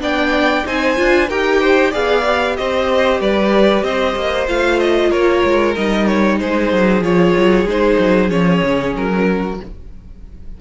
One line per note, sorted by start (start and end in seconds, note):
0.00 0.64 B3
0.00 0.64 D4
0.00 0.66 D5
0.00 0.67 G5
0.66 0.98 C4
0.66 0.96 D#4
0.66 1.29 C5
0.66 1.30 G#5
0.96 1.30 D4
0.96 1.28 F4
1.29 1.94 D#4
1.29 1.92 G4
1.29 1.61 A#4
1.29 1.93 G5
1.61 1.91 C5
1.91 2.59 B3
1.91 2.24 G#4
1.91 2.55 D5
1.91 2.57 F5
2.25 4.48 G4
2.57 3.20 C4
2.57 3.21 C5
2.57 3.20 D#5
3.20 3.83 G3
3.20 3.85 B4
3.20 3.84 D5
3.83 4.15 C4
3.83 5.10 C5
3.83 4.47 D#5
4.16 4.48 A#3
4.48 5.11 A3
4.48 5.75 F4
4.48 4.80 F5
4.80 5.11 D#5
5.10 5.43 A#3
5.10 6.37 A#4
5.10 5.75 C#5
5.44 5.76 G#3
5.76 6.41 G3
5.76 7.03 D#4
5.76 6.07 D#5
6.07 6.39 C#5
6.39 6.72 G#3
6.39 9.26 G#4
6.39 7.03 C5
6.72 7.01 F#3
7.01 7.33 F3
7.01 7.66 F4
7.01 7.68 C#5
7.36 7.65 F#3
7.65 7.97 G#3
7.65 8.29 D#4
7.65 8.30 C5
7.99 8.30 F#3
8.29 8.62 F3
8.29 9.57 C#4
8.29 8.94 C#5
8.63 8.95 C#3
8.96 9.60 F#3
8.96 9.61 A#4
9.26 9.58 F#4